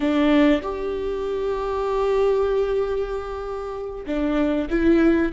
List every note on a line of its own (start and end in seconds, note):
0.00 0.61 D4
0.62 4.05 G4
4.06 4.68 D4
4.69 5.32 E4